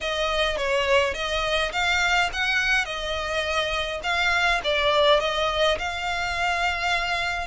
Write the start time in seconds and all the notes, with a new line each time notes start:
0.01 D#5
0.57 C#5
1.14 D#5
1.72 F5
2.32 F#5
2.85 D#5
4.03 F5
4.64 D5
5.20 D#5
5.78 F5